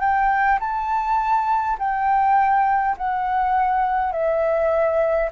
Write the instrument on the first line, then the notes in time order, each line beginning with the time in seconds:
flute
0.00 G5
0.60 A5
1.79 G5
2.97 F#5
4.12 E5